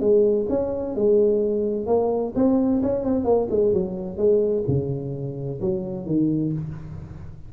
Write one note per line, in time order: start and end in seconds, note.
0.00 0.47 G#3
0.49 0.95 C#4
0.95 1.86 G#3
1.86 2.33 A#3
2.35 2.81 C4
2.82 3.04 C#4
3.04 3.24 C4
3.24 3.48 A#3
3.50 3.73 G#3
3.73 4.17 F#3
4.17 4.64 G#3
4.67 5.60 C#3
5.60 6.06 F#3
6.06 6.52 D#3